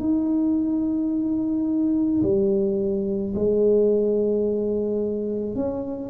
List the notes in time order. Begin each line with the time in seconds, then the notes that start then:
0.00 D#4
2.23 G3
3.35 G#3
5.56 C#4